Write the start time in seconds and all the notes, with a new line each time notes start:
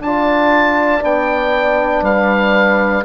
0.00 D4 F4 D5 A5
1.01 B3 D4 G5
2.02 G3 B4 F5